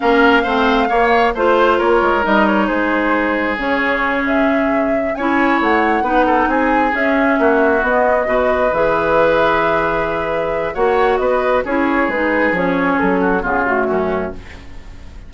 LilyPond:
<<
  \new Staff \with { instrumentName = "flute" } { \time 4/4 \tempo 4 = 134 f''2. c''4 | cis''4 dis''8 cis''8 c''2 | cis''4. e''2 gis''8~ | gis''8 fis''2 gis''4 e''8~ |
e''4. dis''2 e''8~ | e''1 | fis''4 dis''4 cis''4 b'4 | cis''4 a'4 gis'8 fis'4. | }
  \new Staff \with { instrumentName = "oboe" } { \time 4/4 ais'4 c''4 cis''4 c''4 | ais'2 gis'2~ | gis'2.~ gis'8 cis''8~ | cis''4. b'8 a'8 gis'4.~ |
gis'8 fis'2 b'4.~ | b'1 | cis''4 b'4 gis'2~ | gis'4. fis'8 f'4 cis'4 | }
  \new Staff \with { instrumentName = "clarinet" } { \time 4/4 cis'4 c'4 ais4 f'4~ | f'4 dis'2. | cis'2.~ cis'8 e'8~ | e'4. dis'2 cis'8~ |
cis'4. b4 fis'4 gis'8~ | gis'1 | fis'2 e'4 dis'4 | cis'2 b8 a4. | }
  \new Staff \with { instrumentName = "bassoon" } { \time 4/4 ais4 a4 ais4 a4 | ais8 gis8 g4 gis2 | cis2.~ cis8 cis'8~ | cis'8 a4 b4 c'4 cis'8~ |
cis'8 ais4 b4 b,4 e8~ | e1 | ais4 b4 cis'4 gis4 | f4 fis4 cis4 fis,4 | }
>>